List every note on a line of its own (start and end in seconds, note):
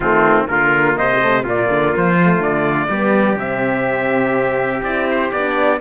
0.00 0.46 D#3
0.00 0.46 A3
0.00 0.49 C4
0.00 0.46 F4
0.46 0.98 D3
0.46 1.19 A#3
0.46 0.98 F4
0.46 0.96 A#4
0.97 1.45 C3
0.97 1.43 C5
0.97 1.45 D#5
1.20 1.44 A3
1.43 1.69 A#2
1.43 2.18 A#3
1.43 2.88 F4
1.43 1.96 D5
1.69 1.93 D3
1.96 2.39 F3
1.96 2.42 C5
2.22 2.90 A3
2.39 2.87 D3
2.39 3.39 D5
2.89 3.36 G3
2.89 3.38 B3
2.89 5.80 G4
3.36 4.81 C3
3.36 4.84 C4
3.36 4.83 E5
4.82 5.31 C4
4.82 5.32 E4
4.82 5.07 D5
5.10 5.31 C5
5.31 5.80 B3
5.31 5.80 D4
5.31 5.80 D5